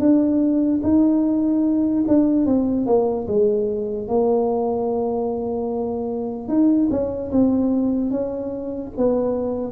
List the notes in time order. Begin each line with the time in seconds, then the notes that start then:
0.00 D4
0.83 D#4
2.08 D4
2.46 C4
2.86 A#3
3.28 G#3
4.08 A#3
6.49 D#4
6.91 C#4
7.32 C4
8.11 C#4
8.97 B3